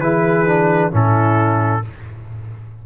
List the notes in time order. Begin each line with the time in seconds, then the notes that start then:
0.00 E3 E4 G#4 B4
0.47 D4
0.91 A2 C#4 E4 A4